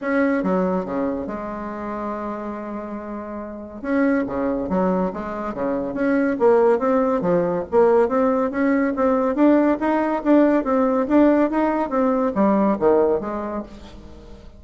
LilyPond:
\new Staff \with { instrumentName = "bassoon" } { \time 4/4 \tempo 4 = 141 cis'4 fis4 cis4 gis4~ | gis1~ | gis4 cis'4 cis4 fis4 | gis4 cis4 cis'4 ais4 |
c'4 f4 ais4 c'4 | cis'4 c'4 d'4 dis'4 | d'4 c'4 d'4 dis'4 | c'4 g4 dis4 gis4 | }